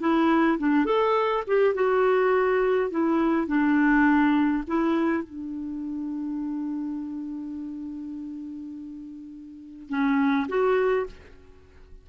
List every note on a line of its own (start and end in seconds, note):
0.00 0.58 E4
0.59 0.86 D4
0.86 1.44 A4
1.47 1.74 G4
1.74 2.90 F#4
2.90 3.47 E4
3.47 4.64 D4
4.67 5.23 E4
5.23 9.89 D4
9.89 10.47 C#4
10.48 11.07 F#4